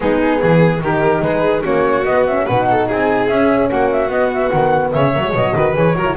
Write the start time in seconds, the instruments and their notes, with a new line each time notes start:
0.00 double bass G#3, horn B3, violin D#4, flute G#4
0.41 double bass E3, violin G#4
0.81 double bass D#3, horn D#4, violin G4, flute A#4
1.21 double bass G#3, violin G#4, flute B4
1.62 double bass A#3, horn C#4, violin F#4, flute C#5
2.04 double bass B3, horn B3, flute D#5
2.26 horn C#4, flute E5
2.45 double bass B2, horn D#4, violin B4, flute F#5
2.70 violin A4
2.87 double bass C4, violin G#4, flute G#5
3.28 double bass C#4, horn C#4, flute E5
3.69 double bass A#3, violin F#4, flute F#5
3.91 flute E5
4.08 double bass B3, horn B3, flute D#5
4.33 flute E5
4.49 double bass D#3, flute F#5
4.92 double bass C#3, violin C#5, flute E5
5.12 double bass F#3, horn A#3
5.25 horn G#3
5.34 double bass B2, horn F#3, flute D#5
5.54 double bass D#3, horn F#4, violin B4
5.73 double bass E3, horn G#4, flute C#5
5.95 double bass F#3, horn F#4, violin A#4
6.04 horn E4